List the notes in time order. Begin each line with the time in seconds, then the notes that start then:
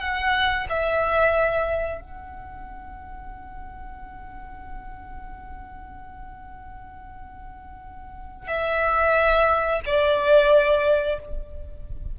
0.00 F#5
0.69 E5
2.01 F#5
8.47 E5
9.85 D5